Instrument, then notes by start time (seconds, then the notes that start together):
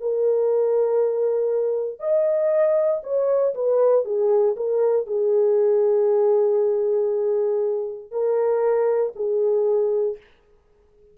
horn
0.00 A#4
1.99 D#5
3.03 C#5
3.54 B4
4.04 G#4
4.56 A#4
5.06 G#4
8.11 A#4
9.15 G#4